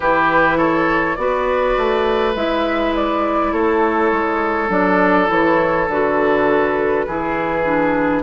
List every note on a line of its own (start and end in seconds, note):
0.00 1.17 E3
0.00 1.17 E4
0.00 0.57 G4
0.00 0.58 B4
0.57 1.16 A4
0.57 1.15 C#5
1.15 1.75 B3
1.15 2.34 F#4
1.15 2.33 D5
1.22 3.52 B4
1.77 2.35 A3
2.35 3.52 G#3
2.35 4.69 E4
2.35 2.94 E5
2.95 3.52 D5
3.52 4.11 A3
3.52 7.05 A4
3.52 4.70 C#5
4.12 4.69 G#3
4.69 5.28 F#3
4.69 5.26 D4
4.69 5.29 D5
5.26 5.87 E3
5.26 5.85 E4
5.26 5.89 C#5
5.87 7.05 D3
5.87 7.07 F#4
5.87 8.23 B4
7.07 8.23 E3
7.07 7.64 E4
7.07 8.23 G#4
7.64 8.23 D4